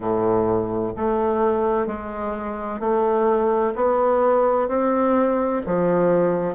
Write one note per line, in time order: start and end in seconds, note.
0.00 0.92 A2
0.96 1.87 A3
1.87 2.80 G#3
2.80 3.73 A3
3.75 4.68 B3
4.68 5.62 C4
5.65 6.54 F3